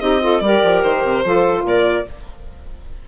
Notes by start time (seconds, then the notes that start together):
0.00 C4 D#4 G4 D#5
0.20 F4 A4
0.40 G3 G4 A#4 D5
0.63 F3
0.82 D#3 C5
1.03 C3
1.24 F3 F4 A4
1.63 A#2 A#4 D5